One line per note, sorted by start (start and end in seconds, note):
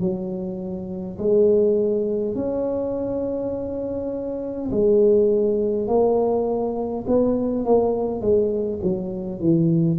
0.00 1.18 F#3
1.18 2.35 G#3
2.35 4.70 C#4
4.71 5.87 G#3
5.87 7.05 A#3
7.07 7.65 B3
7.65 8.20 A#3
8.20 8.79 G#3
8.82 9.40 F#3
9.40 9.99 E3